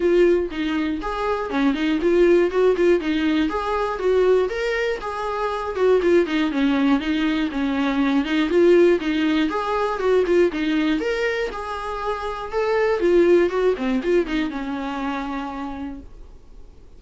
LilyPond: \new Staff \with { instrumentName = "viola" } { \time 4/4 \tempo 4 = 120 f'4 dis'4 gis'4 cis'8 dis'8 | f'4 fis'8 f'8 dis'4 gis'4 | fis'4 ais'4 gis'4. fis'8 | f'8 dis'8 cis'4 dis'4 cis'4~ |
cis'8 dis'8 f'4 dis'4 gis'4 | fis'8 f'8 dis'4 ais'4 gis'4~ | gis'4 a'4 f'4 fis'8 c'8 | f'8 dis'8 cis'2. | }